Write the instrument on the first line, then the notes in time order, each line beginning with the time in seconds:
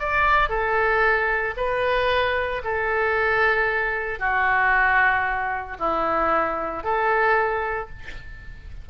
oboe
0.00 D5
0.50 A4
1.57 B4
2.64 A4
4.20 F#4
5.79 E4
6.84 A4